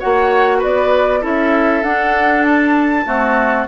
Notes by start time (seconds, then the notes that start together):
0.00 A#3 F#4 C#5 F#5
0.59 B3 B4 D5
1.22 C#4 E4 A4 E5
1.83 D4 F#5
2.43 A5
3.06 A3 C4 F#4